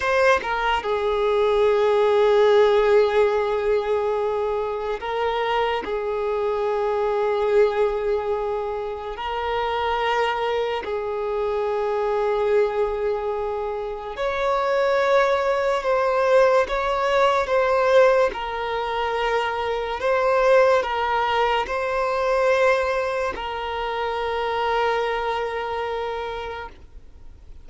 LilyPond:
\new Staff \with { instrumentName = "violin" } { \time 4/4 \tempo 4 = 72 c''8 ais'8 gis'2.~ | gis'2 ais'4 gis'4~ | gis'2. ais'4~ | ais'4 gis'2.~ |
gis'4 cis''2 c''4 | cis''4 c''4 ais'2 | c''4 ais'4 c''2 | ais'1 | }